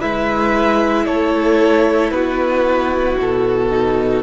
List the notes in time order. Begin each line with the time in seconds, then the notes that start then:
0.00 G#3 E4 B4 E5
1.06 A3 A4 C#5
2.11 B3 F#4 B4
3.19 B2 A4
3.71 D#4